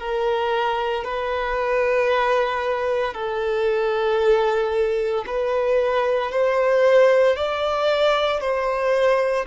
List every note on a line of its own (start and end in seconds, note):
0.00 1.04 A#4
1.04 3.14 B4
3.14 5.25 A4
5.27 6.32 B4
6.32 7.36 C5
7.36 8.41 D5
8.41 9.46 C5